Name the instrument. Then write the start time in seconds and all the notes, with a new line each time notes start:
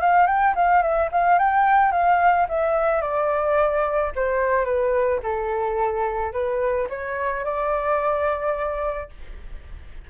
flute
0.00 F5
0.27 G5
0.55 F5
0.82 E5
1.12 F5
1.39 G5
1.92 F5
2.48 E5
3.02 D5
4.15 C5
4.65 B4
5.23 A4
6.33 B4
6.89 C#5
7.45 D5